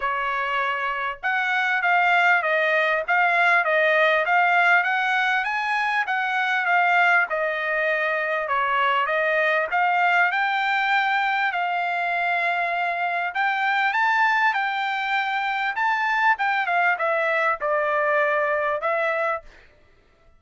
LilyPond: \new Staff \with { instrumentName = "trumpet" } { \time 4/4 \tempo 4 = 99 cis''2 fis''4 f''4 | dis''4 f''4 dis''4 f''4 | fis''4 gis''4 fis''4 f''4 | dis''2 cis''4 dis''4 |
f''4 g''2 f''4~ | f''2 g''4 a''4 | g''2 a''4 g''8 f''8 | e''4 d''2 e''4 | }